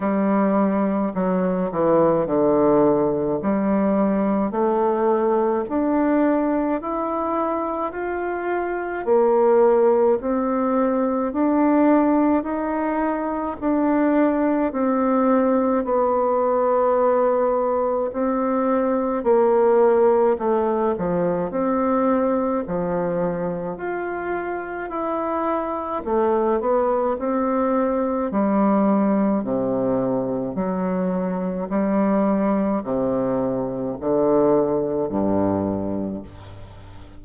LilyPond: \new Staff \with { instrumentName = "bassoon" } { \time 4/4 \tempo 4 = 53 g4 fis8 e8 d4 g4 | a4 d'4 e'4 f'4 | ais4 c'4 d'4 dis'4 | d'4 c'4 b2 |
c'4 ais4 a8 f8 c'4 | f4 f'4 e'4 a8 b8 | c'4 g4 c4 fis4 | g4 c4 d4 g,4 | }